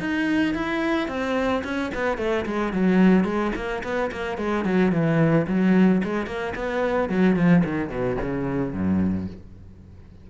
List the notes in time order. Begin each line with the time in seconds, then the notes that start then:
0.00 D#4
0.55 E4
1.09 C4
1.64 C#4
1.95 B3
2.18 A3
2.46 G#3
2.73 F#3
3.25 G#3
3.56 A#3
3.84 B3
4.12 A#3
4.38 G#3
4.65 F#3
4.92 E3
5.48 F#3
6.04 G#3
6.27 A#3
6.56 B3
7.10 F#3
7.36 F3
7.65 D#3
7.90 B2
8.22 C#3
8.74 F#2